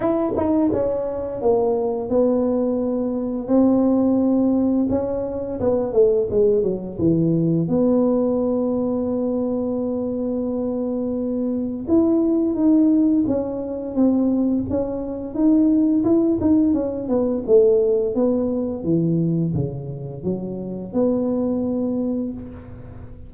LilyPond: \new Staff \with { instrumentName = "tuba" } { \time 4/4 \tempo 4 = 86 e'8 dis'8 cis'4 ais4 b4~ | b4 c'2 cis'4 | b8 a8 gis8 fis8 e4 b4~ | b1~ |
b4 e'4 dis'4 cis'4 | c'4 cis'4 dis'4 e'8 dis'8 | cis'8 b8 a4 b4 e4 | cis4 fis4 b2 | }